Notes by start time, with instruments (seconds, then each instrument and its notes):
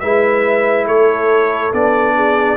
0.00 tuba G#3, trombone E4, horn B4, trumpet E5
0.86 tuba A3, horn A4, trumpet C#5
1.73 tuba B3, trombone D4, trumpet D5
2.16 horn G#4